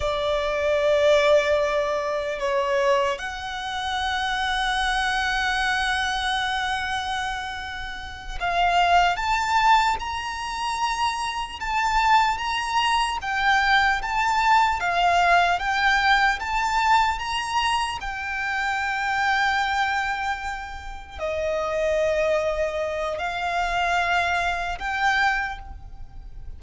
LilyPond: \new Staff \with { instrumentName = "violin" } { \time 4/4 \tempo 4 = 75 d''2. cis''4 | fis''1~ | fis''2~ fis''8 f''4 a''8~ | a''8 ais''2 a''4 ais''8~ |
ais''8 g''4 a''4 f''4 g''8~ | g''8 a''4 ais''4 g''4.~ | g''2~ g''8 dis''4.~ | dis''4 f''2 g''4 | }